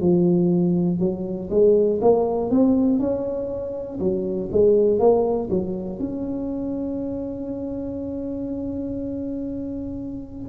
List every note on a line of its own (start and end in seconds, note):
0.00 0.99 F3
0.99 1.49 F#3
1.50 2.00 G#3
2.00 2.50 A#3
2.50 2.99 C4
2.99 3.99 C#4
4.00 4.50 F#3
4.51 4.99 G#3
4.99 5.49 A#3
5.50 5.99 F#3
5.99 10.48 C#4